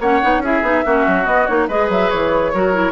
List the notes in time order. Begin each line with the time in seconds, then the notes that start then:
0.00 A#3 C#4 C#5 F#5
0.22 B3 D#4
0.39 C#4 E4 G#4 E5
0.62 B3 D#4
0.85 A#3 C#4 F#4
1.07 F#3
1.25 B3 D#5
1.46 A#3 D#4 C#5
1.68 G#3 G#4 B4 D#5
1.89 F#3 E5
2.10 E3 C#5
2.54 F#3 F#4 A#4
2.73 E4